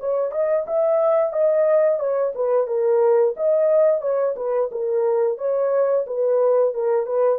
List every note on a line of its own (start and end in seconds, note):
0.00 0.32 C#5
0.32 0.65 D#5
0.67 1.33 E5
1.33 1.99 D#5
1.99 2.33 C#5
2.35 2.67 B4
2.67 3.35 A#4
3.37 4.01 D#5
4.01 4.35 C#5
4.36 4.70 B4
4.72 5.38 A#4
5.38 6.06 C#5
6.07 6.74 B4
6.74 7.06 A#4
7.06 7.39 B4